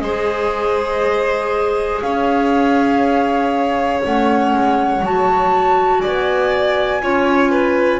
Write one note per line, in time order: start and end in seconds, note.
0.00 2.01 G#3
0.00 4.04 G#4
0.00 2.03 C5
0.00 2.00 D#5
2.02 4.02 C#4
2.02 6.01 C#5
2.02 4.02 F5
4.04 4.54 A3
4.04 5.03 C#4
4.04 5.05 F#5
4.54 5.01 G#3
5.01 6.01 F#3
5.01 7.02 F#4
5.01 6.01 A5
6.01 7.01 D5
6.01 8.00 G#5
6.07 7.03 B3
7.02 8.00 C#4
7.02 8.00 F4
7.02 7.51 C#5
7.51 8.00 B4